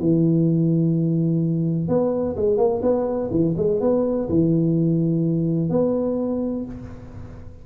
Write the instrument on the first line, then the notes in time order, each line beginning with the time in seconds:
tuba
0.00 E3
1.88 B3
2.36 G#3
2.58 A#3
2.82 B3
3.31 E3
3.57 G#3
3.81 B3
4.29 E3
5.70 B3